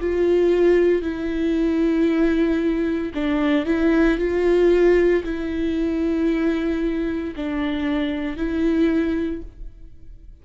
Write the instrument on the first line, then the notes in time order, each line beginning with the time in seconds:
viola
0.00 F4
1.02 E4
3.14 D4
3.65 E4
4.18 F4
5.23 E4
7.36 D4
8.36 E4